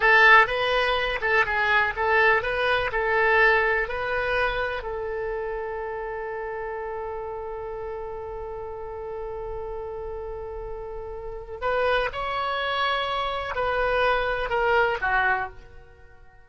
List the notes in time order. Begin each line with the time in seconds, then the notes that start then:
0.00 A4
0.46 B4
1.21 A4
1.45 G#4
1.96 A4
2.42 B4
2.92 A4
3.88 B4
4.83 A4
11.61 B4
12.12 C#5
13.55 B4
14.49 A#4
15.01 F#4